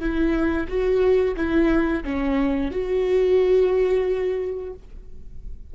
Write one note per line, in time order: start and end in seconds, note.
0.00 0.67 E4
0.68 1.35 F#4
1.36 2.04 E4
2.04 2.71 C#4
2.71 4.73 F#4